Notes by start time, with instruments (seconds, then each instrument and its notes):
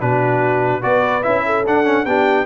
0.00 tuba B2, trombone D4, horn F#4, trumpet B4
0.82 tuba B3, trombone F#4, horn B4, trumpet D5
1.24 tuba C#4, trombone E4, trumpet E5
1.46 horn A4
1.67 tuba D4, trombone D4, trumpet F#5
1.85 trombone C#4
2.06 tuba B3, trombone D4, horn G4, trumpet G5